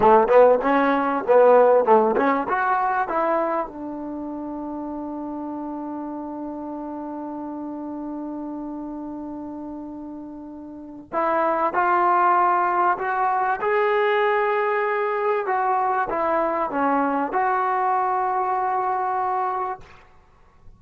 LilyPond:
\new Staff \with { instrumentName = "trombone" } { \time 4/4 \tempo 4 = 97 a8 b8 cis'4 b4 a8 cis'8 | fis'4 e'4 d'2~ | d'1~ | d'1~ |
d'2 e'4 f'4~ | f'4 fis'4 gis'2~ | gis'4 fis'4 e'4 cis'4 | fis'1 | }